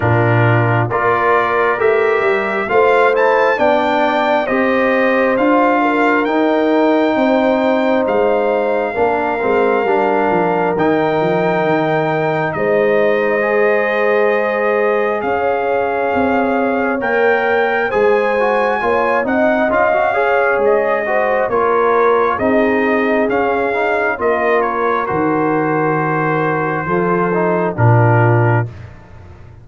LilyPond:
<<
  \new Staff \with { instrumentName = "trumpet" } { \time 4/4 \tempo 4 = 67 ais'4 d''4 e''4 f''8 a''8 | g''4 dis''4 f''4 g''4~ | g''4 f''2. | g''2 dis''2~ |
dis''4 f''2 g''4 | gis''4. fis''8 f''4 dis''4 | cis''4 dis''4 f''4 dis''8 cis''8 | c''2. ais'4 | }
  \new Staff \with { instrumentName = "horn" } { \time 4/4 f'4 ais'2 c''4 | d''4 c''4. ais'4. | c''2 ais'2~ | ais'2 c''2~ |
c''4 cis''2. | c''4 cis''8 dis''4 cis''4 c''8 | ais'4 gis'2 ais'4~ | ais'2 a'4 f'4 | }
  \new Staff \with { instrumentName = "trombone" } { \time 4/4 d'4 f'4 g'4 f'8 e'8 | d'4 g'4 f'4 dis'4~ | dis'2 d'8 c'8 d'4 | dis'2. gis'4~ |
gis'2. ais'4 | gis'8 fis'8 f'8 dis'8 f'16 fis'16 gis'4 fis'8 | f'4 dis'4 cis'8 dis'8 f'4 | fis'2 f'8 dis'8 d'4 | }
  \new Staff \with { instrumentName = "tuba" } { \time 4/4 ais,4 ais4 a8 g8 a4 | b4 c'4 d'4 dis'4 | c'4 gis4 ais8 gis8 g8 f8 | dis8 f8 dis4 gis2~ |
gis4 cis'4 c'4 ais4 | gis4 ais8 c'8 cis'4 gis4 | ais4 c'4 cis'4 ais4 | dis2 f4 ais,4 | }
>>